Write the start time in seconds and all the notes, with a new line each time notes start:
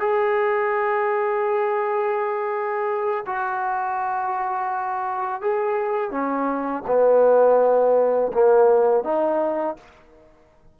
0.00 G#4
3.27 F#4
5.42 G#4
6.11 C#4
6.87 B3
8.33 A#3
9.04 D#4